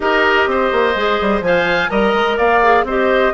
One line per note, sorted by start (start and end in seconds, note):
0.00 0.46 D#4
0.00 0.94 G4
0.00 0.49 A#4
0.00 1.42 D#5
0.46 0.70 C4
0.46 1.45 C5
0.72 0.95 A#3
0.95 1.18 G#3
0.95 1.44 G#4
1.21 1.40 G3
1.40 1.88 F3
1.40 1.89 C5
1.40 1.90 F5
1.40 1.89 G#5
1.89 2.13 G3
1.89 2.61 A#4
1.89 2.37 D#5
1.89 2.37 A#5
2.13 2.37 G#3
2.37 2.83 A#3
2.37 2.84 D5
2.37 2.85 F5
2.62 2.86 G#4
2.83 3.31 C4
2.83 3.33 G4
2.83 3.33 C5
2.83 3.33 D#5